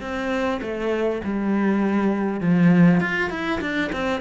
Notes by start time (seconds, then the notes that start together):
0.00 C4
0.61 A3
1.24 G3
2.40 F3
3.00 F4
3.30 E4
3.61 D4
3.92 C4